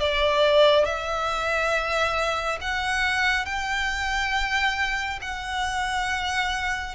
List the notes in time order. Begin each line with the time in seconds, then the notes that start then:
0.00 D5
0.85 E5
2.61 F#5
3.46 G5
5.22 F#5